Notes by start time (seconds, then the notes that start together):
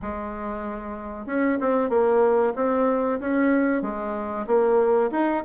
0.02 G#3
1.26 C#4
1.60 C4
1.89 A#3
2.55 C4
3.19 C#4
3.82 G#3
4.46 A#3
5.11 D#4